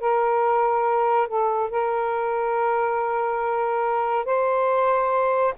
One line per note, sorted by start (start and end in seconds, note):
0.00 1.27 A#4
1.27 1.70 A4
1.70 4.25 A#4
4.25 5.54 C5